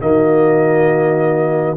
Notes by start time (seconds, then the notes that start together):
0.00 D#3 A#3 F#4 D#5